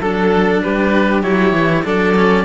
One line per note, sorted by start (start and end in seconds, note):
0.00 0.62 F#3
0.00 1.22 D4
0.00 0.61 A4
0.00 0.63 A4
0.62 1.22 G3
0.62 1.85 G4
0.62 1.22 B4
1.22 1.52 F#3
1.22 1.84 E4
1.22 1.83 C#5
1.52 1.83 E3
1.84 2.44 F#3
1.84 2.15 D4
1.84 2.44 A4
1.84 2.44 D5
2.15 2.44 C#4